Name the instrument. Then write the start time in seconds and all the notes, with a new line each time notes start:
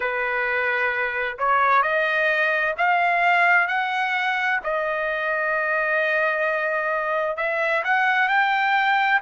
trumpet
0.00 B4
1.38 C#5
1.82 D#5
2.77 F5
3.67 F#5
4.63 D#5
7.36 E5
7.83 F#5
8.28 G5